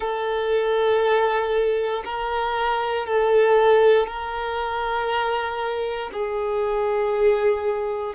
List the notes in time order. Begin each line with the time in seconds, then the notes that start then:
0.00 A4
2.04 A#4
3.06 A4
4.06 A#4
6.12 G#4